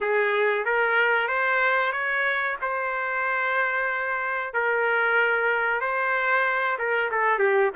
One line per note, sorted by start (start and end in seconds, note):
0.00 0.65 G#4
0.65 1.27 A#4
1.27 1.92 C5
1.92 2.56 C#5
2.61 4.53 C5
4.53 5.80 A#4
5.80 6.77 C5
6.78 7.10 A#4
7.11 7.38 A4
7.38 7.71 G4